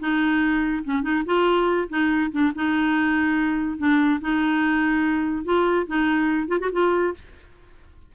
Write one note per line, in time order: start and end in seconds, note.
0.00 0.84 D#4
0.85 1.02 C#4
1.02 1.23 D#4
1.26 1.89 F4
1.90 2.32 D#4
2.32 2.53 D4
2.55 3.78 D#4
3.78 4.20 D4
4.21 5.45 D#4
5.45 5.87 F4
5.87 6.48 D#4
6.48 6.59 F4
6.60 6.71 F#4
6.72 7.14 F4